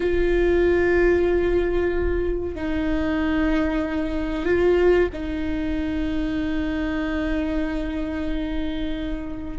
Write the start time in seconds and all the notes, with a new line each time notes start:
0.00 F4
2.55 D#4
4.45 F4
5.12 D#4